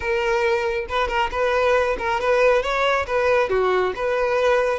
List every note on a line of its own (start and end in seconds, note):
0.00 0.86 A#4
0.89 1.08 B4
1.08 1.30 A#4
1.31 1.96 B4
1.98 2.20 A#4
2.20 2.62 B4
2.62 3.06 C#5
3.06 3.49 B4
3.49 3.93 F#4
3.95 4.79 B4